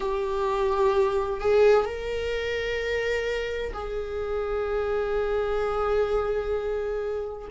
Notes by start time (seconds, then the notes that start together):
0.00 G4
1.40 G#4
1.85 A#4
3.73 G#4